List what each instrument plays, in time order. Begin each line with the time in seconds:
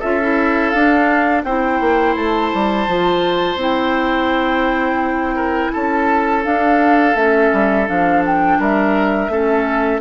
0.00 bassoon C#4, clarinet F4, oboe A4, flute E5
0.22 clarinet E4
0.70 bassoon D4, clarinet D4, flute F5
1.44 bassoon C4, clarinet E4, oboe C5, flute G5
1.81 bassoon A#3
2.16 bassoon A3, flute A5
2.54 bassoon G3
2.88 bassoon F3, clarinet F4
3.56 bassoon C4, clarinet E4
3.62 flute G5
5.36 oboe A#4
5.72 bassoon C#4, oboe A4, flute A5
6.44 clarinet D4, bassoon D4, flute F5
7.15 bassoon A3, clarinet C#4, flute E5
7.53 bassoon G3
7.87 bassoon F3, clarinet D4, flute F5
8.26 flute G5
8.59 bassoon G3, oboe A#4, flute E5
9.29 bassoon A3, clarinet C#4, oboe A4